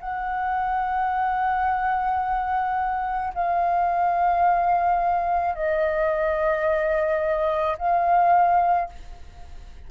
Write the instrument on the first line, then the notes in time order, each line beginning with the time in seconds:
flute
0.00 F#5
3.34 F5
5.55 D#5
7.78 F5